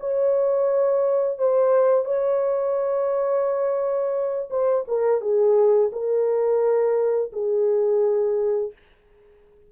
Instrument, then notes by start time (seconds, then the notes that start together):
horn
0.00 C#5
1.38 C5
2.05 C#5
4.50 C5
4.88 A#4
5.21 G#4
5.92 A#4
7.33 G#4